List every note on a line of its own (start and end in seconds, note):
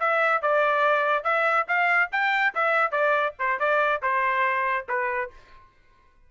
0.00 0.42 E5
0.42 1.24 D5
1.24 1.66 E5
1.68 2.10 F5
2.12 2.54 G5
2.55 2.92 E5
2.92 3.34 D5
3.39 3.60 C5
3.60 4.02 D5
4.02 4.87 C5
4.89 5.31 B4